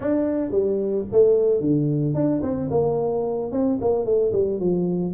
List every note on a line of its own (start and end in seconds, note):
0.00 0.51 D4
0.51 1.05 G3
1.12 1.60 A3
1.60 2.14 D3
2.14 2.41 D4
2.42 2.69 C4
2.70 3.51 A#3
3.51 3.78 C4
3.80 4.05 A#3
4.05 4.32 A3
4.32 4.59 G3
4.59 5.13 F3